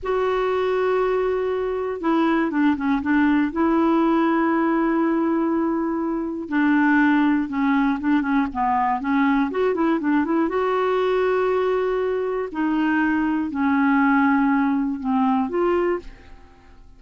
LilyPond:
\new Staff \with { instrumentName = "clarinet" } { \time 4/4 \tempo 4 = 120 fis'1 | e'4 d'8 cis'8 d'4 e'4~ | e'1~ | e'4 d'2 cis'4 |
d'8 cis'8 b4 cis'4 fis'8 e'8 | d'8 e'8 fis'2.~ | fis'4 dis'2 cis'4~ | cis'2 c'4 f'4 | }